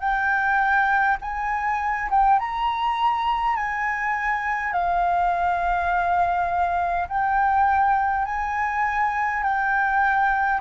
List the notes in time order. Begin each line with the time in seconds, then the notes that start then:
0.00 G5
1.22 G#5
2.11 G5
2.40 A#5
3.57 G#5
4.73 F5
7.09 G5
8.26 G#5
9.43 G5